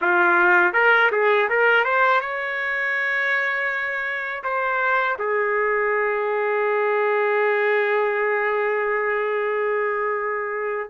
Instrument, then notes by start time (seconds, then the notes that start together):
trumpet
0.01 F4
0.73 A#4
1.11 G#4
1.48 A#4
1.84 C5
2.21 C#5
4.43 C5
5.19 G#4